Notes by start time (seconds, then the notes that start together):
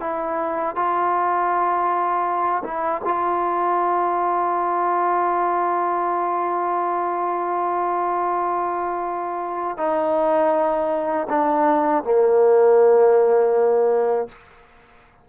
0.00 E4
0.75 F4
2.64 E4
3.04 F4
9.77 D#4
11.28 D4
12.03 A#3